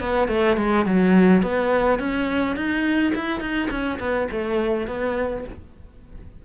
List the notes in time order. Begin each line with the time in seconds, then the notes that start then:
0.00 B3
0.28 A3
0.57 G#3
0.85 F#3
1.42 B3
1.99 C#4
2.55 D#4
3.15 E4
3.40 D#4
3.70 C#4
3.99 B3
4.31 A3
4.87 B3